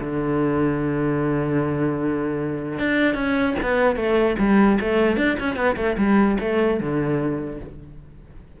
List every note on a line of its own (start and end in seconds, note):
0.00 2.79 D3
2.79 3.14 D4
3.14 3.54 C#4
3.62 3.96 B3
3.96 4.36 A3
4.39 4.79 G3
4.80 5.17 A3
5.17 5.37 D4
5.39 5.55 C#4
5.55 5.75 B3
5.76 5.96 A3
5.97 6.37 G3
6.40 6.80 A3
6.80 7.60 D3